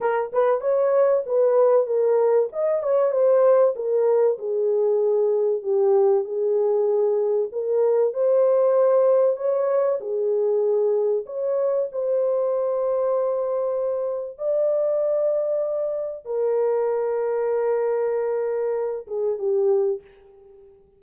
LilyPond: \new Staff \with { instrumentName = "horn" } { \time 4/4 \tempo 4 = 96 ais'8 b'8 cis''4 b'4 ais'4 | dis''8 cis''8 c''4 ais'4 gis'4~ | gis'4 g'4 gis'2 | ais'4 c''2 cis''4 |
gis'2 cis''4 c''4~ | c''2. d''4~ | d''2 ais'2~ | ais'2~ ais'8 gis'8 g'4 | }